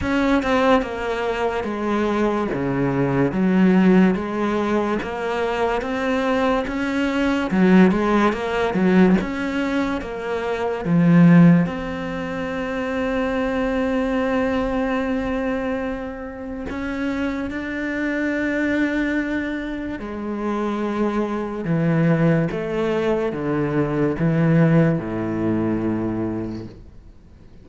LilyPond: \new Staff \with { instrumentName = "cello" } { \time 4/4 \tempo 4 = 72 cis'8 c'8 ais4 gis4 cis4 | fis4 gis4 ais4 c'4 | cis'4 fis8 gis8 ais8 fis8 cis'4 | ais4 f4 c'2~ |
c'1 | cis'4 d'2. | gis2 e4 a4 | d4 e4 a,2 | }